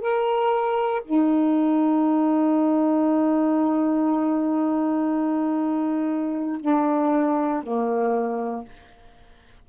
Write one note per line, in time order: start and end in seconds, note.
0.00 1.02 A#4
1.04 6.61 D#4
6.61 7.63 D4
7.63 8.64 A#3